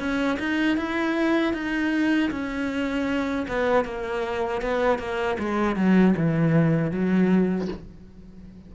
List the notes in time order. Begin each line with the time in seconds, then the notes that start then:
0.00 C#4
0.40 D#4
0.78 E4
1.54 D#4
2.31 C#4
3.48 B3
3.85 A#3
4.62 B3
4.99 A#3
5.39 G#3
5.76 F#3
6.17 E3
6.92 F#3